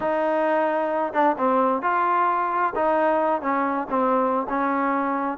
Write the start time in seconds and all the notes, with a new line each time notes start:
0.00 D#4
1.13 D4
1.38 C4
1.82 F4
2.75 D#4
3.41 C#4
3.89 C4
4.49 C#4